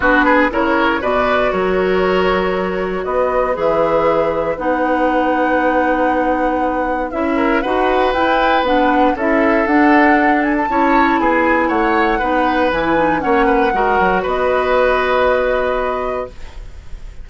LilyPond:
<<
  \new Staff \with { instrumentName = "flute" } { \time 4/4 \tempo 4 = 118 b'4 cis''4 d''4 cis''4~ | cis''2 dis''4 e''4~ | e''4 fis''2.~ | fis''2 e''4 fis''4 |
g''4 fis''4 e''4 fis''4~ | fis''8 gis''16 a''4~ a''16 gis''4 fis''4~ | fis''4 gis''4 fis''2 | dis''1 | }
  \new Staff \with { instrumentName = "oboe" } { \time 4/4 fis'8 gis'8 ais'4 b'4 ais'4~ | ais'2 b'2~ | b'1~ | b'2~ b'8 ais'8 b'4~ |
b'2 a'2~ | a'4 cis''4 gis'4 cis''4 | b'2 cis''8 b'8 ais'4 | b'1 | }
  \new Staff \with { instrumentName = "clarinet" } { \time 4/4 d'4 e'4 fis'2~ | fis'2. gis'4~ | gis'4 dis'2.~ | dis'2 e'4 fis'4 |
e'4 d'4 e'4 d'4~ | d'4 e'2. | dis'4 e'8 dis'8 cis'4 fis'4~ | fis'1 | }
  \new Staff \with { instrumentName = "bassoon" } { \time 4/4 b4 cis4 b,4 fis4~ | fis2 b4 e4~ | e4 b2.~ | b2 cis'4 dis'4 |
e'4 b4 cis'4 d'4~ | d'4 cis'4 b4 a4 | b4 e4 ais4 gis8 fis8 | b1 | }
>>